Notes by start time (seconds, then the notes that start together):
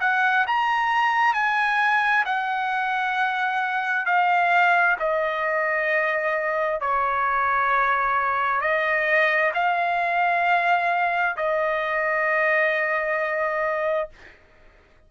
0.00 F#5
0.47 A#5
1.33 G#5
2.25 F#5
4.05 F5
4.99 D#5
6.80 C#5
8.61 D#5
9.54 F5
11.36 D#5